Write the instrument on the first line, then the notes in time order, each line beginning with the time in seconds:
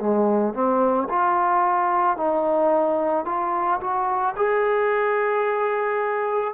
trombone
0.00 G#3
0.54 C4
1.09 F4
2.17 D#4
3.25 F4
3.80 F#4
4.37 G#4